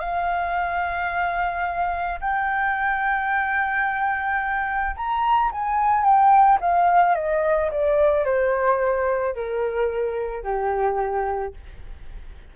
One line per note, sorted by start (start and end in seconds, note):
0.00 2.20 F5
2.21 4.96 G5
4.96 5.51 A#5
5.52 6.04 G#5
6.04 6.59 G5
6.61 7.15 F5
7.15 7.70 D#5
7.71 8.25 D5
8.25 9.35 C5
9.35 10.44 A#4
10.44 11.54 G4